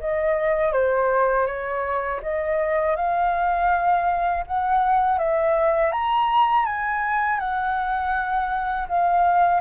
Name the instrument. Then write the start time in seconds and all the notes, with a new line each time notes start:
flute
0.00 D#5
0.73 C5
1.46 C#5
2.23 D#5
2.96 F5
4.47 F#5
5.19 E5
5.92 A#5
6.66 G#5
7.39 F#5
8.89 F5